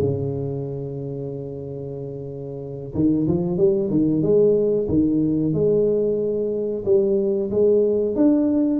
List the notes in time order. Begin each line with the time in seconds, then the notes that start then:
0.00 C#3
2.94 D#3
3.27 F3
3.57 G3
3.90 D#3
4.22 G#3
4.88 D#3
5.53 G#3
6.84 G3
7.50 G#3
8.15 D4